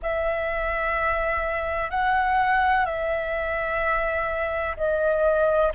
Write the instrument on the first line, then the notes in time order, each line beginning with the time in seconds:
flute
0.02 E5
1.90 F#5
2.85 E5
4.77 D#5